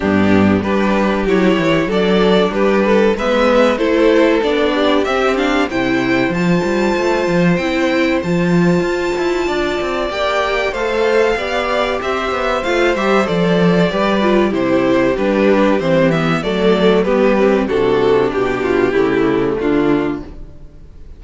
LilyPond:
<<
  \new Staff \with { instrumentName = "violin" } { \time 4/4 \tempo 4 = 95 g'4 b'4 cis''4 d''4 | b'4 e''4 c''4 d''4 | e''8 f''8 g''4 a''2 | g''4 a''2. |
g''4 f''2 e''4 | f''8 e''8 d''2 c''4 | b'4 c''8 e''8 d''4 b'4 | a'4 g'2 f'4 | }
  \new Staff \with { instrumentName = "violin" } { \time 4/4 d'4 g'2 a'4 | g'8 a'8 b'4 a'4. g'8~ | g'4 c''2.~ | c''2. d''4~ |
d''4 c''4 d''4 c''4~ | c''2 b'4 g'4~ | g'2 a'4 g'4 | fis'4 g'8 f'8 e'4 d'4 | }
  \new Staff \with { instrumentName = "viola" } { \time 4/4 b4 d'4 e'4 d'4~ | d'4 b4 e'4 d'4 | c'8 d'8 e'4 f'2 | e'4 f'2. |
g'4 a'4 g'2 | f'8 g'8 a'4 g'8 f'8 e'4 | d'4 c'8 b8 a4 b8 c'8 | d'2 a2 | }
  \new Staff \with { instrumentName = "cello" } { \time 4/4 g,4 g4 fis8 e8 fis4 | g4 gis4 a4 b4 | c'4 c4 f8 g8 a8 f8 | c'4 f4 f'8 e'8 d'8 c'8 |
ais4 a4 b4 c'8 b8 | a8 g8 f4 g4 c4 | g4 e4 fis4 g4 | c4 b,4 cis4 d4 | }
>>